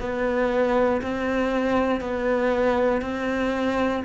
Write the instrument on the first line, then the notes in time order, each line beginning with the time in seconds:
cello
0.00 B3
1.02 C4
2.01 B3
3.01 C4